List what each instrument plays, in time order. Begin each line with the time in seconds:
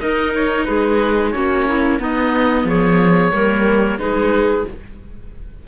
0.00 cello D#4, viola D#4, clarinet A#4, oboe D#5
0.35 oboe C#5
0.65 cello G#3, clarinet G#4, oboe B4
1.32 cello A#3, viola C#4, clarinet F#4, oboe C#5
1.67 clarinet E4
1.99 cello B3, viola B3, clarinet D#4, oboe D#5
2.65 cello F3, clarinet G#4, oboe C#5
3.33 cello G3, viola A#3, clarinet A#4
3.99 cello G#3, viola D#4, clarinet G#4, oboe B4